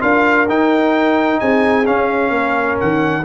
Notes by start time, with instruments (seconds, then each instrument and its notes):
0.00 tuba D4, trombone F4, horn A#4, trumpet F5
0.49 tuba D#4, trombone D#4, trumpet G5
1.40 tuba C4, horn G#4, trumpet G#5
1.85 trombone C#4, tuba C#4, trumpet F5
2.30 tuba A#3, horn A#4
2.80 tuba D#3, trumpet F#5